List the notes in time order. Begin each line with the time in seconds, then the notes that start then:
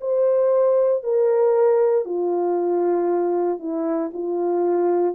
0.00 C5
1.03 A#4
2.05 F4
3.59 E4
4.13 F4